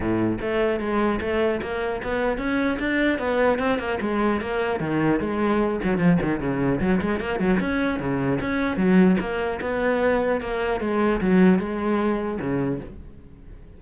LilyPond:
\new Staff \with { instrumentName = "cello" } { \time 4/4 \tempo 4 = 150 a,4 a4 gis4 a4 | ais4 b4 cis'4 d'4 | b4 c'8 ais8 gis4 ais4 | dis4 gis4. fis8 f8 dis8 |
cis4 fis8 gis8 ais8 fis8 cis'4 | cis4 cis'4 fis4 ais4 | b2 ais4 gis4 | fis4 gis2 cis4 | }